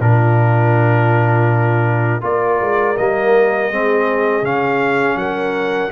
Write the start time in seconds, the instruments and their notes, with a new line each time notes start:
0.00 tuba A#2, trombone D4, horn F4, trumpet A#4
2.21 tuba A#3, trombone F4, horn A#4, trumpet D5
2.61 tuba G#3
2.97 tuba G3, trombone A#3, trumpet D#5
3.70 tuba G#3, trombone C4, horn G#4
4.42 tuba C#3, trombone C#4, trumpet F5
5.16 tuba F#3, horn A#4, trumpet F#5